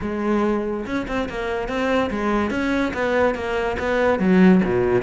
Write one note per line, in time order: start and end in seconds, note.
0.01 0.85 G#3
0.86 1.07 C#4
1.07 1.28 C4
1.29 1.68 A#3
1.68 2.10 C4
2.10 2.50 G#3
2.50 2.92 C#4
2.93 3.35 B3
3.35 3.76 A#3
3.79 4.19 B3
4.19 4.61 F#3
4.64 5.02 B2